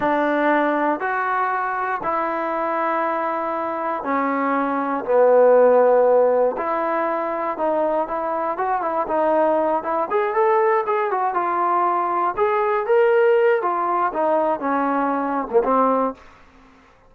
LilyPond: \new Staff \with { instrumentName = "trombone" } { \time 4/4 \tempo 4 = 119 d'2 fis'2 | e'1 | cis'2 b2~ | b4 e'2 dis'4 |
e'4 fis'8 e'8 dis'4. e'8 | gis'8 a'4 gis'8 fis'8 f'4.~ | f'8 gis'4 ais'4. f'4 | dis'4 cis'4.~ cis'16 ais16 c'4 | }